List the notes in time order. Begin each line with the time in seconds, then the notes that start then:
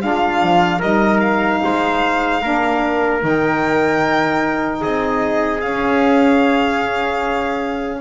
0.00 G#3 D4 F5
0.06 F4
0.43 F3
0.79 G3 D#4 A#4 D#5
1.21 F5
1.65 G#3 C5
2.42 A#3 D4 A#4
3.20 D#3 D#4 G5
4.81 C4 G#4 D#5
5.61 C#4 F5